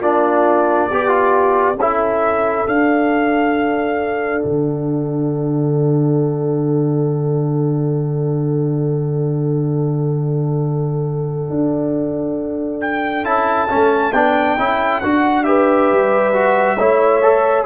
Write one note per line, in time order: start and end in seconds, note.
0.00 0.88 A#3
0.00 0.90 D4
0.00 0.88 F4
0.00 1.78 D5
0.89 1.76 B3
0.89 1.77 G4
0.89 1.08 G4
1.08 1.74 F4
1.76 2.64 C#4
1.76 2.67 E4
1.76 15.46 A4
1.76 2.67 E5
2.67 4.44 D4
2.67 13.24 D4
2.67 4.42 F5
4.42 11.49 D3
4.42 12.81 F#5
11.49 13.24 D4
12.81 13.25 G5
13.24 13.68 C#4
13.24 13.68 E4
13.24 14.13 A5
13.69 14.13 A3
13.69 14.13 C#4
14.13 14.57 B3
14.13 14.58 D4
14.13 15.00 G5
14.58 15.02 C#4
14.58 15.02 E4
15.00 15.92 D4
15.00 15.45 F#4
15.00 15.44 F#5
15.44 16.33 G4
15.44 16.78 B4
15.44 17.64 E5
15.92 16.78 G3
16.33 16.78 F#4
16.78 17.65 A3
16.78 17.22 E4
16.78 17.65 C#5
17.22 17.65 A4